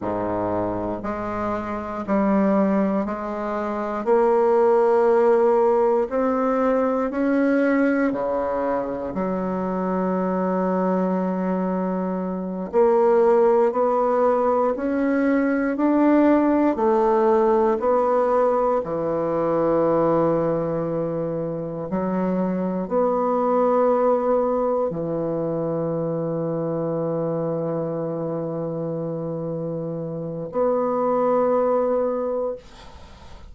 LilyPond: \new Staff \with { instrumentName = "bassoon" } { \time 4/4 \tempo 4 = 59 gis,4 gis4 g4 gis4 | ais2 c'4 cis'4 | cis4 fis2.~ | fis8 ais4 b4 cis'4 d'8~ |
d'8 a4 b4 e4.~ | e4. fis4 b4.~ | b8 e2.~ e8~ | e2 b2 | }